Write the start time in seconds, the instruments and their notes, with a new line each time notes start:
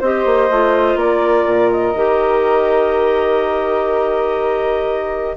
0.00 bassoon C4, clarinet G4 D#5, flute C5
0.25 bassoon A#3
0.50 bassoon A3, clarinet F4
0.95 bassoon A#3, flute A#4, clarinet D5
1.45 bassoon A#2
1.72 clarinet D#5
1.95 bassoon D#3, clarinet G4